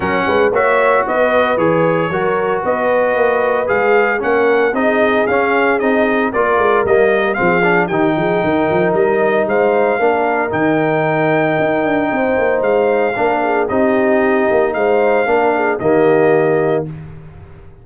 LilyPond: <<
  \new Staff \with { instrumentName = "trumpet" } { \time 4/4 \tempo 4 = 114 fis''4 e''4 dis''4 cis''4~ | cis''4 dis''2 f''4 | fis''4 dis''4 f''4 dis''4 | d''4 dis''4 f''4 g''4~ |
g''4 dis''4 f''2 | g''1 | f''2 dis''2 | f''2 dis''2 | }
  \new Staff \with { instrumentName = "horn" } { \time 4/4 ais'8 b'8 cis''4 b'2 | ais'4 b'2. | ais'4 gis'2. | ais'2 gis'4 g'8 gis'8 |
ais'2 c''4 ais'4~ | ais'2. c''4~ | c''4 ais'8 gis'8 g'2 | c''4 ais'8 gis'8 g'2 | }
  \new Staff \with { instrumentName = "trombone" } { \time 4/4 cis'4 fis'2 gis'4 | fis'2. gis'4 | cis'4 dis'4 cis'4 dis'4 | f'4 ais4 c'8 d'8 dis'4~ |
dis'2. d'4 | dis'1~ | dis'4 d'4 dis'2~ | dis'4 d'4 ais2 | }
  \new Staff \with { instrumentName = "tuba" } { \time 4/4 fis8 gis8 ais4 b4 e4 | fis4 b4 ais4 gis4 | ais4 c'4 cis'4 c'4 | ais8 gis8 g4 f4 dis8 f8 |
dis8 f8 g4 gis4 ais4 | dis2 dis'8 d'8 c'8 ais8 | gis4 ais4 c'4. ais8 | gis4 ais4 dis2 | }
>>